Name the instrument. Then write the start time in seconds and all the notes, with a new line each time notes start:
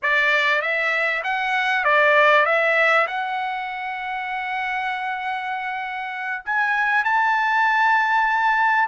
trumpet
0.02 D5
0.61 E5
1.23 F#5
1.84 D5
2.45 E5
3.07 F#5
6.45 G#5
7.04 A5